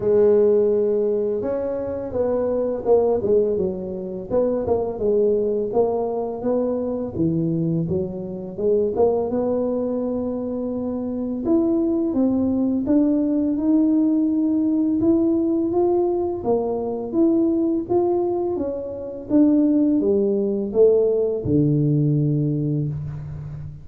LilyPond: \new Staff \with { instrumentName = "tuba" } { \time 4/4 \tempo 4 = 84 gis2 cis'4 b4 | ais8 gis8 fis4 b8 ais8 gis4 | ais4 b4 e4 fis4 | gis8 ais8 b2. |
e'4 c'4 d'4 dis'4~ | dis'4 e'4 f'4 ais4 | e'4 f'4 cis'4 d'4 | g4 a4 d2 | }